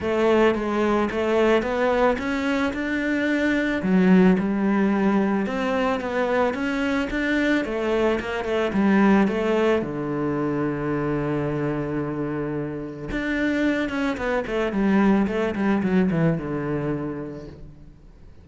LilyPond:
\new Staff \with { instrumentName = "cello" } { \time 4/4 \tempo 4 = 110 a4 gis4 a4 b4 | cis'4 d'2 fis4 | g2 c'4 b4 | cis'4 d'4 a4 ais8 a8 |
g4 a4 d2~ | d1 | d'4. cis'8 b8 a8 g4 | a8 g8 fis8 e8 d2 | }